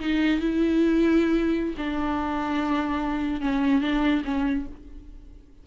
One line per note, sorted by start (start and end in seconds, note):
0.00 0.40 D#4
0.40 1.75 E4
1.77 3.41 D4
3.41 3.81 C#4
3.81 4.23 D4
4.25 4.66 C#4